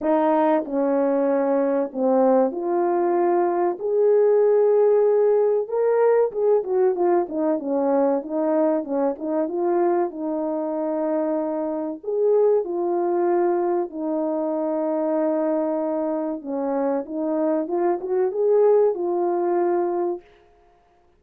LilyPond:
\new Staff \with { instrumentName = "horn" } { \time 4/4 \tempo 4 = 95 dis'4 cis'2 c'4 | f'2 gis'2~ | gis'4 ais'4 gis'8 fis'8 f'8 dis'8 | cis'4 dis'4 cis'8 dis'8 f'4 |
dis'2. gis'4 | f'2 dis'2~ | dis'2 cis'4 dis'4 | f'8 fis'8 gis'4 f'2 | }